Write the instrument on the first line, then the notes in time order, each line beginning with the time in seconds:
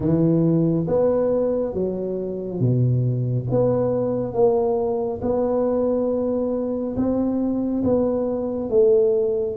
tuba
0.00 E3
0.87 B3
1.74 F#3
2.60 B2
3.50 B3
4.33 A#3
5.21 B3
6.96 C4
7.83 B3
8.70 A3